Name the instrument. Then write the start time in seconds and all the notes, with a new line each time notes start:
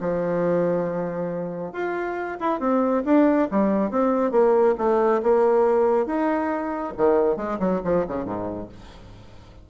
bassoon
0.00 F3
1.73 F4
2.40 E4
2.60 C4
3.05 D4
3.51 G3
3.90 C4
4.31 A#3
4.78 A3
5.22 A#3
6.06 D#4
6.97 D#3
7.36 G#3
7.59 F#3
7.84 F3
8.08 C#3
8.25 G#2